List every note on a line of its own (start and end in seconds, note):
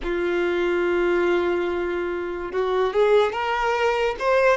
0.03 2.52 F4
2.52 2.93 F#4
2.93 3.32 G#4
3.32 4.15 A#4
4.19 4.57 C5